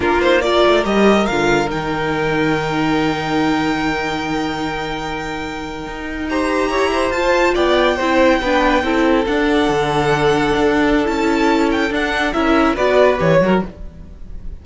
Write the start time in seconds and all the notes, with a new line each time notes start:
0.00 A#3 D4 F4 A#4
0.20 D#4 C5
0.41 F4 A#4 D5
0.66 A3
0.84 G3 G4 D#5
1.26 D3 F4 F5
1.67 D#3 D#4 G5
5.86 D#4
6.29 G4 C5 A#5
6.69 E4 C#5
6.92 C5
7.10 F4 A5
7.54 B3 D5 G5
7.96 C4 E4 C5
8.41 B3 D4 B4
8.83 C4 E4 A4
9.26 D4 F#5
9.68 D3
10.55 D4
11.04 C#4 E4 A5
11.71 G5
11.90 D4 F#5
12.33 C#4 E4 A#4 E5
12.75 B3 F#4 B4 D5
13.17 E3 G4 C#5
13.40 F#3 F#4 A#4